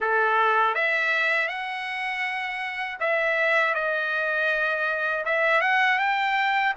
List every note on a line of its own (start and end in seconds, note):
0.00 0.75 A4
0.75 1.48 E5
1.48 2.98 F#5
3.00 3.74 E5
3.74 5.24 D#5
5.25 5.61 E5
5.61 5.98 F#5
5.99 6.74 G5